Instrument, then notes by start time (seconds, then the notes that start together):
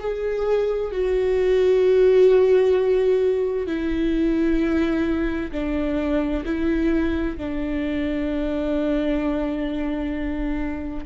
viola
0.00 G#4
0.92 F#4
3.67 E4
5.52 D4
6.45 E4
7.37 D4